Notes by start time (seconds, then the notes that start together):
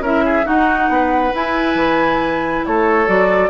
0.00 C#4 E4 A#4 E5
0.26 G#4
0.44 D#4 F#4 F#5
0.89 B3 B4
1.34 E4 G#5
1.75 E3
2.66 A3 A4 C#5
3.06 F#3 F#4 D5